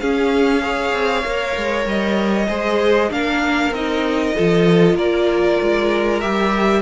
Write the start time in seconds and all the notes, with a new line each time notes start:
0.00 C#4 G#4 F5
0.61 G#4 C#5
0.93 C4
1.24 A#3 A#4
1.57 G#3
1.86 G3 D#5
2.48 G#3 G#4 C5
3.10 A#3 D4 A#4 F5
3.71 C4 D#4 D#5
4.36 F3 F4 A4
4.94 A#3 A#4 D5
5.62 G#3
6.20 G3 G4 E5